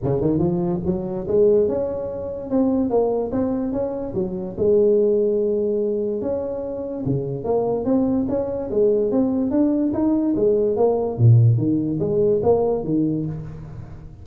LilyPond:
\new Staff \with { instrumentName = "tuba" } { \time 4/4 \tempo 4 = 145 cis8 dis8 f4 fis4 gis4 | cis'2 c'4 ais4 | c'4 cis'4 fis4 gis4~ | gis2. cis'4~ |
cis'4 cis4 ais4 c'4 | cis'4 gis4 c'4 d'4 | dis'4 gis4 ais4 ais,4 | dis4 gis4 ais4 dis4 | }